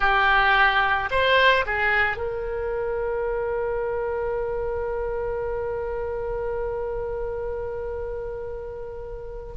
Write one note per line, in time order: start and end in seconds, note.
0.00 1.09 G4
1.11 1.65 C5
1.66 2.16 G#4
2.16 9.53 A#4